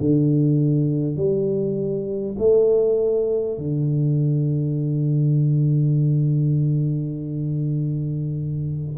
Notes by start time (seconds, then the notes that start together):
0.00 D3
1.17 G3
2.39 A3
3.58 D3